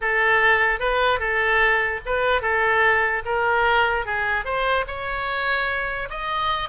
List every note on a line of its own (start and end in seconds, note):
0.01 0.79 A4
0.79 1.19 B4
1.19 2.00 A4
2.05 2.41 B4
2.41 3.22 A4
3.25 4.05 A#4
4.05 4.44 G#4
4.44 4.85 C5
4.87 6.08 C#5
6.10 6.69 D#5